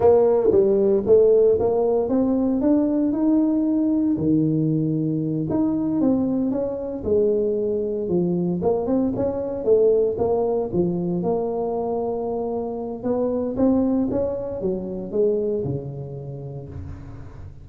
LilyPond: \new Staff \with { instrumentName = "tuba" } { \time 4/4 \tempo 4 = 115 ais4 g4 a4 ais4 | c'4 d'4 dis'2 | dis2~ dis8 dis'4 c'8~ | c'8 cis'4 gis2 f8~ |
f8 ais8 c'8 cis'4 a4 ais8~ | ais8 f4 ais2~ ais8~ | ais4 b4 c'4 cis'4 | fis4 gis4 cis2 | }